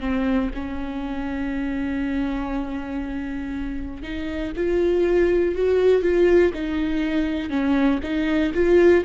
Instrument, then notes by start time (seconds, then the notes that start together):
viola
0.00 C4
0.54 C#4
4.03 D#4
4.56 F4
5.55 F#4
6.02 F4
6.54 D#4
7.50 C#4
8.03 D#4
8.54 F4